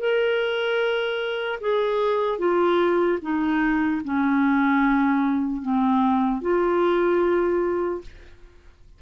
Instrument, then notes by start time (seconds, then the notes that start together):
clarinet
0.00 A#4
1.61 G#4
2.39 F4
3.22 D#4
4.05 C#4
5.62 C4
6.42 F4